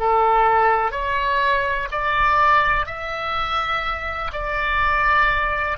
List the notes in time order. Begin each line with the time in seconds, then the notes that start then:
0.00 A4
0.92 C#5
1.92 D5
2.86 E5
4.33 D5